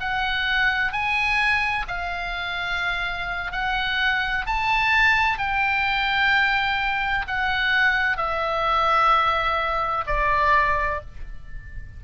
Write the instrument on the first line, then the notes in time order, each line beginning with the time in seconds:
oboe
0.00 F#5
0.92 G#5
1.87 F5
3.52 F#5
4.46 A5
5.38 G5
7.27 F#5
8.17 E5
10.07 D5